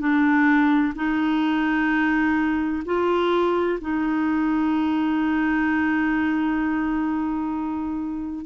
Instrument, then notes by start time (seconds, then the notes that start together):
clarinet
0.00 D4
0.96 D#4
2.86 F4
3.82 D#4